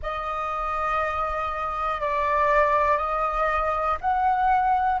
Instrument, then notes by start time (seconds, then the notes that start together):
flute
0.02 D#5
2.00 D5
2.97 D#5
4.00 F#5